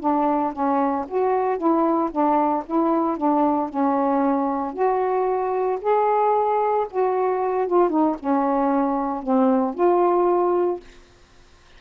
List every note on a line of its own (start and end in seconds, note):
0.00 0.53 D4
0.53 1.06 C#4
1.08 1.57 F#4
1.57 2.10 E4
2.11 2.64 D4
2.66 3.17 E4
3.17 3.69 D4
3.69 4.73 C#4
4.73 5.79 F#4
5.81 6.87 G#4
6.90 7.67 F#4
7.67 7.89 F4
7.89 8.16 D#4
8.19 9.23 C#4
9.23 9.75 C4
9.75 10.80 F4